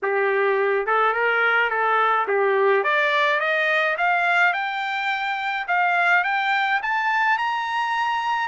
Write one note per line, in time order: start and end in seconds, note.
0.02 0.86 G4
0.86 1.13 A4
1.13 1.70 A#4
1.70 2.26 A4
2.27 2.83 G4
2.83 3.40 D5
3.40 3.96 D#5
3.97 4.53 F5
4.53 5.66 G5
5.67 6.24 F5
6.24 6.80 G5
6.82 7.37 A5
7.37 8.48 A#5